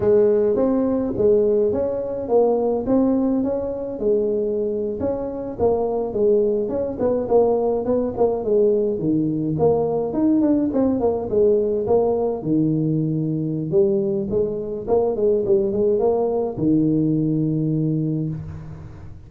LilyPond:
\new Staff \with { instrumentName = "tuba" } { \time 4/4 \tempo 4 = 105 gis4 c'4 gis4 cis'4 | ais4 c'4 cis'4 gis4~ | gis8. cis'4 ais4 gis4 cis'16~ | cis'16 b8 ais4 b8 ais8 gis4 dis16~ |
dis8. ais4 dis'8 d'8 c'8 ais8 gis16~ | gis8. ais4 dis2~ dis16 | g4 gis4 ais8 gis8 g8 gis8 | ais4 dis2. | }